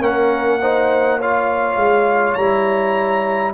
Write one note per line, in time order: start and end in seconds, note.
0.00 1.76 A#3
0.00 0.60 C#4
0.00 0.60 A#4
0.00 1.21 F#5
0.62 1.21 D#4
0.62 1.19 C5
1.19 2.39 F4
1.19 3.54 C#5
1.19 2.35 F5
1.76 2.35 G#3
2.35 3.54 G3
2.35 3.54 E4
2.35 3.52 A#5